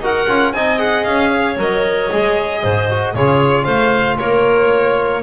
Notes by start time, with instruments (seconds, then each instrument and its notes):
0.00 double bass D#4, trombone F#4, clarinet A#4, violin F#5
0.27 double bass C#4, trombone F4
0.53 double bass C4, trombone D#4, clarinet D#5, violin G#5
0.78 trombone G#4, violin F#5
1.04 double bass C#4, violin F5
1.31 clarinet C#5
1.57 double bass F#3, trombone A#4, violin D#5
2.11 double bass G#3, trombone G#4
2.62 double bass G#2, clarinet C5
2.90 trombone F#4
3.15 double bass C#3, trombone F4, clarinet G#4, violin C#5
3.63 double bass A3, clarinet C5, violin F5
4.18 double bass A#3, clarinet A#4, violin C#5